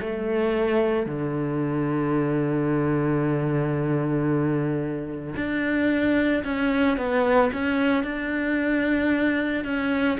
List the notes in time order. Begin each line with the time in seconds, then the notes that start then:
0.00 A3
1.06 D3
5.36 D4
6.43 C#4
6.96 B3
7.52 C#4
8.04 D4
9.64 C#4